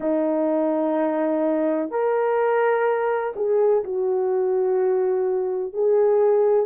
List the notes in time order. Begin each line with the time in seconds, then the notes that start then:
0.00 D#4
1.90 A#4
3.35 G#4
3.84 F#4
5.73 G#4